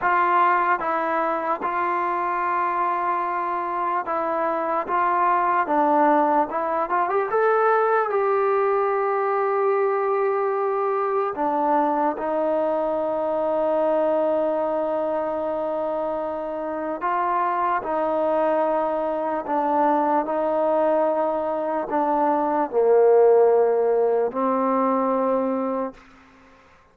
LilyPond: \new Staff \with { instrumentName = "trombone" } { \time 4/4 \tempo 4 = 74 f'4 e'4 f'2~ | f'4 e'4 f'4 d'4 | e'8 f'16 g'16 a'4 g'2~ | g'2 d'4 dis'4~ |
dis'1~ | dis'4 f'4 dis'2 | d'4 dis'2 d'4 | ais2 c'2 | }